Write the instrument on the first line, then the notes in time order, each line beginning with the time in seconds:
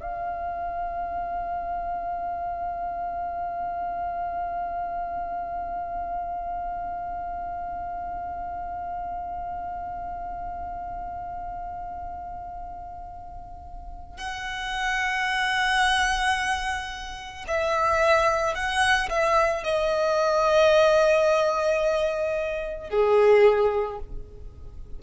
violin
0.00 F5
14.17 F#5
17.47 E5
18.55 F#5
19.09 E5
19.64 D#5
22.89 G#4